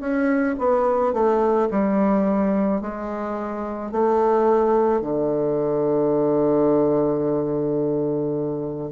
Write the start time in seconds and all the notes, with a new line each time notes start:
0.00 C#4
0.58 B3
1.13 A3
1.71 G3
2.81 G#3
3.91 A3
5.01 D3